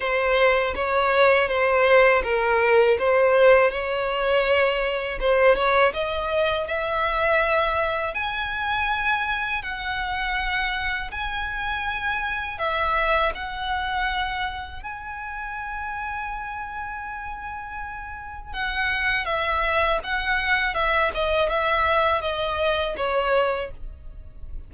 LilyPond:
\new Staff \with { instrumentName = "violin" } { \time 4/4 \tempo 4 = 81 c''4 cis''4 c''4 ais'4 | c''4 cis''2 c''8 cis''8 | dis''4 e''2 gis''4~ | gis''4 fis''2 gis''4~ |
gis''4 e''4 fis''2 | gis''1~ | gis''4 fis''4 e''4 fis''4 | e''8 dis''8 e''4 dis''4 cis''4 | }